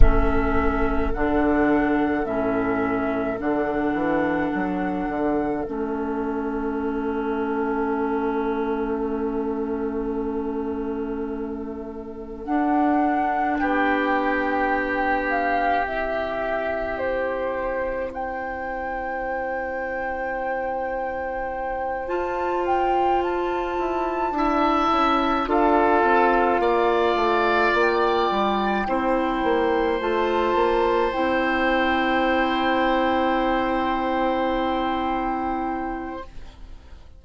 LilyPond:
<<
  \new Staff \with { instrumentName = "flute" } { \time 4/4 \tempo 4 = 53 e''4 fis''4 e''4 fis''4~ | fis''4 e''2.~ | e''2. fis''4 | g''4. f''8 e''4 c''4 |
g''2.~ g''8 a''8 | g''8 a''2 f''4.~ | f''8 g''2 a''4 g''8~ | g''1 | }
  \new Staff \with { instrumentName = "oboe" } { \time 4/4 a'1~ | a'1~ | a'1 | g'1 |
c''1~ | c''4. e''4 a'4 d''8~ | d''4. c''2~ c''8~ | c''1 | }
  \new Staff \with { instrumentName = "clarinet" } { \time 4/4 cis'4 d'4 cis'4 d'4~ | d'4 cis'2.~ | cis'2. d'4~ | d'2 e'2~ |
e'2.~ e'8 f'8~ | f'4. e'4 f'4.~ | f'4. e'4 f'4 e'8~ | e'1 | }
  \new Staff \with { instrumentName = "bassoon" } { \time 4/4 a4 d4 a,4 d8 e8 | fis8 d8 a2.~ | a2. d'4 | b2 c'2~ |
c'2.~ c'8 f'8~ | f'4 e'8 d'8 cis'8 d'8 c'8 ais8 | a8 ais8 g8 c'8 ais8 a8 ais8 c'8~ | c'1 | }
>>